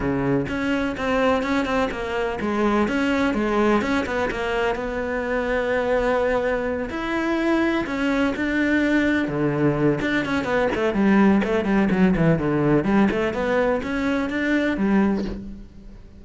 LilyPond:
\new Staff \with { instrumentName = "cello" } { \time 4/4 \tempo 4 = 126 cis4 cis'4 c'4 cis'8 c'8 | ais4 gis4 cis'4 gis4 | cis'8 b8 ais4 b2~ | b2~ b8 e'4.~ |
e'8 cis'4 d'2 d8~ | d4 d'8 cis'8 b8 a8 g4 | a8 g8 fis8 e8 d4 g8 a8 | b4 cis'4 d'4 g4 | }